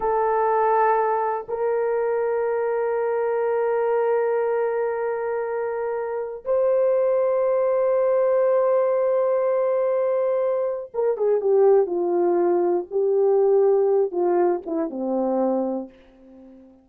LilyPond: \new Staff \with { instrumentName = "horn" } { \time 4/4 \tempo 4 = 121 a'2. ais'4~ | ais'1~ | ais'1~ | ais'4 c''2.~ |
c''1~ | c''2 ais'8 gis'8 g'4 | f'2 g'2~ | g'8 f'4 e'8 c'2 | }